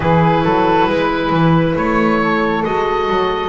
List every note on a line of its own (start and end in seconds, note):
0.00 0.43 E3
0.00 2.63 E4
0.00 0.43 G#4
0.00 1.76 B4
0.44 0.86 F#3
0.44 0.88 A4
0.86 1.30 G#3
0.86 2.21 B4
1.30 1.74 E3
1.75 2.63 A3
1.75 2.64 C#5
2.22 3.49 A4
2.64 3.09 G#3
2.64 3.49 F#4
2.64 3.49 D#5
3.09 3.49 F#3